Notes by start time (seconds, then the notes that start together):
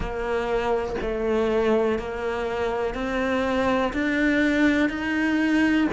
0.00 A#3
1.01 A3
1.99 A#3
2.94 C4
3.93 D4
4.89 D#4